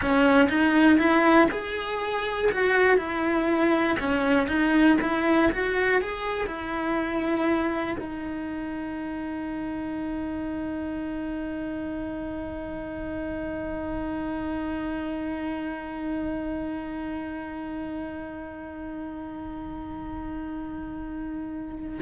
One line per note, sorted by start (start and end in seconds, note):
0.01 0.49 C#4
0.49 0.98 D#4
0.98 1.48 E4
1.51 2.51 G#4
2.51 2.97 F#4
2.97 3.97 E4
3.99 4.47 C#4
4.47 4.97 D#4
5.01 5.51 E4
5.52 6.01 F#4
6.01 6.46 G#4
6.46 7.96 E4
8.00 22.00 D#4